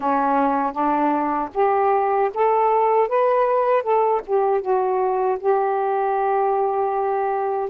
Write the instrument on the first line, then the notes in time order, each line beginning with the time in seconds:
saxophone
0.00 C#4
0.72 D4
1.53 G4
2.34 A4
3.08 B4
3.83 A4
4.26 G4
4.61 F#4
5.39 G4